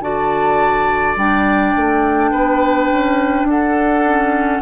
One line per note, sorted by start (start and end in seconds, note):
0.00 1.15 D3
0.00 1.17 F#4
0.00 2.31 D5
0.00 1.16 A5
1.15 1.73 G3
1.15 4.05 D4
1.15 3.48 G5
1.76 2.32 A3
2.31 2.89 B3
2.31 3.46 B4
2.92 3.44 C#4
3.44 4.59 D4
3.44 4.61 F#5
3.50 4.61 A4
4.05 4.61 C#4